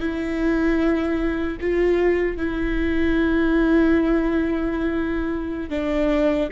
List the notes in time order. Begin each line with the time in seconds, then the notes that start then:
0.00 E4
1.61 F4
2.38 E4
5.70 D4